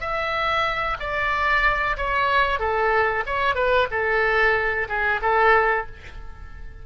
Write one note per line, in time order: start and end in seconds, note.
0.00 0.97 E5
1.00 1.96 D5
1.97 2.59 C#5
2.59 3.24 A4
3.26 3.55 C#5
3.55 3.87 B4
3.91 4.88 A4
4.89 5.21 G#4
5.22 5.86 A4